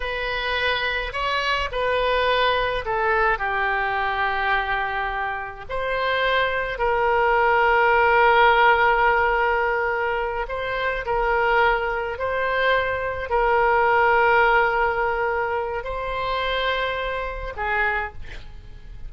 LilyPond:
\new Staff \with { instrumentName = "oboe" } { \time 4/4 \tempo 4 = 106 b'2 cis''4 b'4~ | b'4 a'4 g'2~ | g'2 c''2 | ais'1~ |
ais'2~ ais'8 c''4 ais'8~ | ais'4. c''2 ais'8~ | ais'1 | c''2. gis'4 | }